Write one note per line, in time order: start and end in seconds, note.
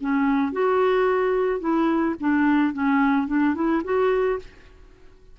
0.00 0.52 C#4
0.52 1.60 F#4
1.60 2.15 E4
2.20 2.73 D4
2.73 3.27 C#4
3.27 3.54 D4
3.55 3.82 E4
3.84 4.39 F#4